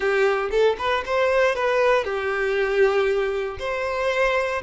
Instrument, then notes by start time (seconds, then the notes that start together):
violin
0.00 G4
0.50 A4
0.78 B4
1.05 C5
1.55 B4
2.04 G4
3.59 C5